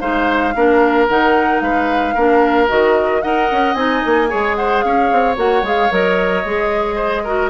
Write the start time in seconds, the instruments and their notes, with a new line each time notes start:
0.00 bassoon G#3, clarinet D#4, oboe C5, flute F5
0.55 bassoon A#3, clarinet D4, oboe A#4
1.09 bassoon D#3, clarinet D#4, flute F#5
1.61 bassoon G#3, oboe B4, flute F5
2.14 bassoon A#3, clarinet D4, oboe A#4
2.68 bassoon D#3, clarinet F#4, flute D#5
3.22 bassoon D#4, clarinet A#4, oboe D#5, flute F#5
3.52 bassoon C#4
3.75 bassoon C4, clarinet D#4, flute G#5
4.06 bassoon A#3
4.29 bassoon G#3, clarinet G#4, oboe C#5
4.56 oboe C5, flute F#5
4.81 bassoon C#4, oboe C#5, flute F5
5.12 bassoon C4
5.37 bassoon A#3, clarinet F#4, flute F#5
5.63 bassoon G#3, clarinet G#4, flute F5
5.91 bassoon F#3, clarinet A#4, flute D#5
6.45 bassoon G#3, clarinet G#4
6.96 oboe C5
7.24 clarinet F#4, oboe A#4